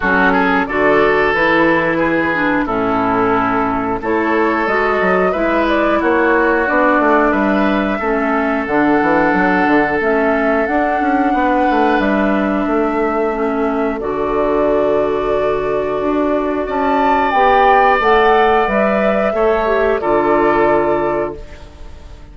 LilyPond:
<<
  \new Staff \with { instrumentName = "flute" } { \time 4/4 \tempo 4 = 90 a'4 d''4 b'2 | a'2 cis''4 dis''4 | e''8 d''8 cis''4 d''4 e''4~ | e''4 fis''2 e''4 |
fis''2 e''2~ | e''4 d''2.~ | d''4 a''4 g''4 fis''4 | e''2 d''2 | }
  \new Staff \with { instrumentName = "oboe" } { \time 4/4 fis'8 gis'8 a'2 gis'4 | e'2 a'2 | b'4 fis'2 b'4 | a'1~ |
a'4 b'2 a'4~ | a'1~ | a'4 d''2.~ | d''4 cis''4 a'2 | }
  \new Staff \with { instrumentName = "clarinet" } { \time 4/4 cis'4 fis'4 e'4. d'8 | cis'2 e'4 fis'4 | e'2 d'2 | cis'4 d'2 cis'4 |
d'1 | cis'4 fis'2.~ | fis'2 g'4 a'4 | b'4 a'8 g'8 f'2 | }
  \new Staff \with { instrumentName = "bassoon" } { \time 4/4 fis4 d4 e2 | a,2 a4 gis8 fis8 | gis4 ais4 b8 a8 g4 | a4 d8 e8 fis8 d8 a4 |
d'8 cis'8 b8 a8 g4 a4~ | a4 d2. | d'4 cis'4 b4 a4 | g4 a4 d2 | }
>>